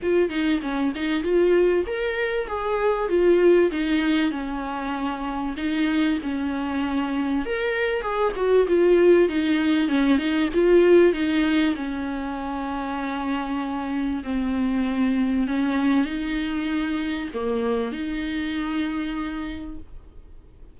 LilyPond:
\new Staff \with { instrumentName = "viola" } { \time 4/4 \tempo 4 = 97 f'8 dis'8 cis'8 dis'8 f'4 ais'4 | gis'4 f'4 dis'4 cis'4~ | cis'4 dis'4 cis'2 | ais'4 gis'8 fis'8 f'4 dis'4 |
cis'8 dis'8 f'4 dis'4 cis'4~ | cis'2. c'4~ | c'4 cis'4 dis'2 | ais4 dis'2. | }